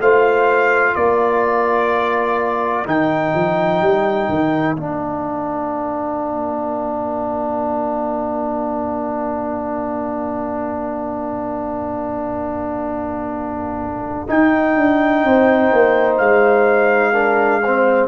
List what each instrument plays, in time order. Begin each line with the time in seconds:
0.00 tuba A3, trombone F4, horn C5, trumpet F5
0.95 tuba A#3, horn A#4, trumpet D5
2.86 tuba D#3, trombone D#4, trumpet G5
3.35 tuba F3
3.81 tuba G3
4.29 tuba D#3
4.76 tuba A#3, trombone D4, trumpet F5
14.28 trombone D#4, tuba D#4, trumpet G5
14.76 tuba D4
15.24 tuba C4, horn C5
15.72 tuba A#3
16.17 tuba G#3, trumpet F5
17.13 trombone D4, horn A#4
17.62 trombone C4, horn C5